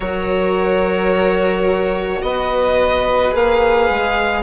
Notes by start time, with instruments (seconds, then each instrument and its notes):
0.00 bassoon F#3, cello F#4, viola A#4, violin C#5
2.22 bassoon B3, viola B4, violin D#5
3.31 bassoon A#3, cello G#4, violin F5
3.89 bassoon G#3